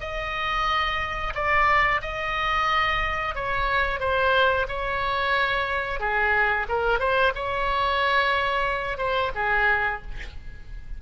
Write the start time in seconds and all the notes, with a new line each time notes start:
0.00 D#5
1.34 D5
2.02 D#5
3.35 C#5
4.00 C5
4.68 C#5
6.00 G#4
6.68 A#4
6.99 C5
7.35 C#5
8.98 C5
9.35 G#4